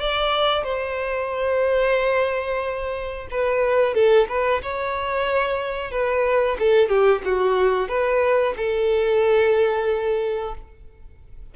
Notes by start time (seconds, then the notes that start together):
0.00 D5
0.64 C5
3.31 B4
3.95 A4
4.29 B4
4.62 C#5
5.91 B4
6.59 A4
6.89 G4
7.25 F#4
7.89 B4
8.57 A4